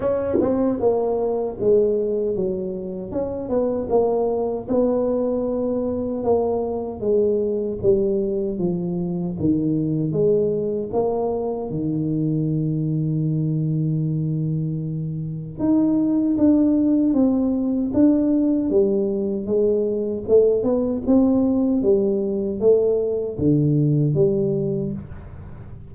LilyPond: \new Staff \with { instrumentName = "tuba" } { \time 4/4 \tempo 4 = 77 cis'8 c'8 ais4 gis4 fis4 | cis'8 b8 ais4 b2 | ais4 gis4 g4 f4 | dis4 gis4 ais4 dis4~ |
dis1 | dis'4 d'4 c'4 d'4 | g4 gis4 a8 b8 c'4 | g4 a4 d4 g4 | }